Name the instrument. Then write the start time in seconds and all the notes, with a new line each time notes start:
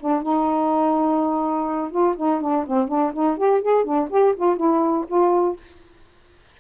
saxophone
0.00 D4
0.22 D#4
1.91 F4
2.16 D#4
2.41 D4
2.67 C4
2.88 D4
3.13 D#4
3.37 G4
3.62 G#4
3.84 D4
4.10 G4
4.36 F4
4.57 E4
5.08 F4